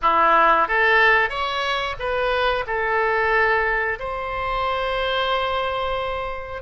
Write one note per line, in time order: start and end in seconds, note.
0.01 0.67 E4
0.67 1.29 A4
1.29 1.95 C#5
1.99 2.65 B4
2.66 3.98 A4
3.99 6.62 C5